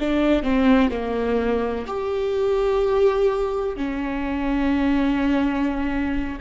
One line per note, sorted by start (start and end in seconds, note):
0.00 0.43 D4
0.43 0.90 C4
0.90 1.86 A#3
1.87 3.77 G4
3.77 6.39 C#4